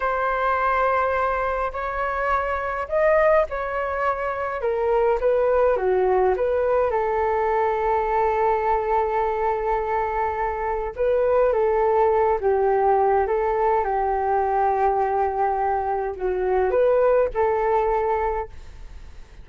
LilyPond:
\new Staff \with { instrumentName = "flute" } { \time 4/4 \tempo 4 = 104 c''2. cis''4~ | cis''4 dis''4 cis''2 | ais'4 b'4 fis'4 b'4 | a'1~ |
a'2. b'4 | a'4. g'4. a'4 | g'1 | fis'4 b'4 a'2 | }